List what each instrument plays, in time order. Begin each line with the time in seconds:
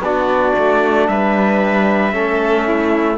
0.00 cello B3, trombone D4, violin F#4, trumpet D5
0.58 cello A3
1.08 cello G3, violin B4, trumpet E5
2.12 cello A3, trombone C#4, violin A4
2.67 violin E4